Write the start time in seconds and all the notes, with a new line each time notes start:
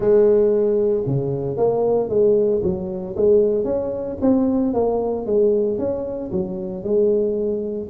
0.00 G#3
1.06 C#3
1.56 A#3
2.09 G#3
2.63 F#3
3.16 G#3
3.64 C#4
4.21 C4
4.73 A#3
5.26 G#3
5.78 C#4
6.31 F#3
6.83 G#3